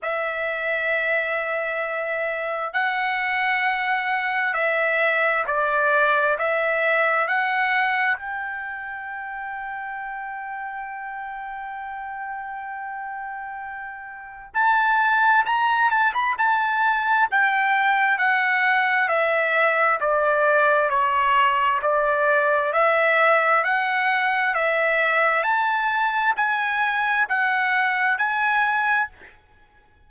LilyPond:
\new Staff \with { instrumentName = "trumpet" } { \time 4/4 \tempo 4 = 66 e''2. fis''4~ | fis''4 e''4 d''4 e''4 | fis''4 g''2.~ | g''1 |
a''4 ais''8 a''16 b''16 a''4 g''4 | fis''4 e''4 d''4 cis''4 | d''4 e''4 fis''4 e''4 | a''4 gis''4 fis''4 gis''4 | }